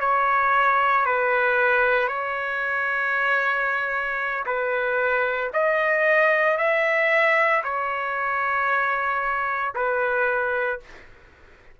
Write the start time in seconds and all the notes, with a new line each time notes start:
0.00 C#5
1.05 B4
2.08 C#5
4.45 B4
5.53 D#5
6.57 E5
7.63 C#5
9.74 B4